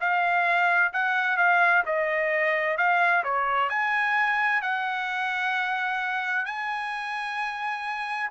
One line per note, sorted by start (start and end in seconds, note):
0.00 0.92 F5
0.93 1.37 F#5
1.37 1.83 F5
1.86 2.77 D#5
2.77 3.23 F5
3.24 3.70 C#5
3.70 4.62 G#5
4.62 6.45 F#5
6.45 8.30 G#5